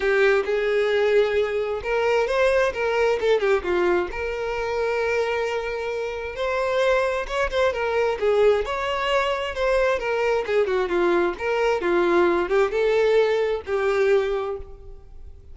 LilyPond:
\new Staff \with { instrumentName = "violin" } { \time 4/4 \tempo 4 = 132 g'4 gis'2. | ais'4 c''4 ais'4 a'8 g'8 | f'4 ais'2.~ | ais'2 c''2 |
cis''8 c''8 ais'4 gis'4 cis''4~ | cis''4 c''4 ais'4 gis'8 fis'8 | f'4 ais'4 f'4. g'8 | a'2 g'2 | }